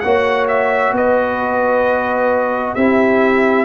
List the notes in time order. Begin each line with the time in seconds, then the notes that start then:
0.00 A#3 F#4 C#5 F#5
0.48 E5
0.92 B3 B4 D#5
2.74 C4 E4 G4 E5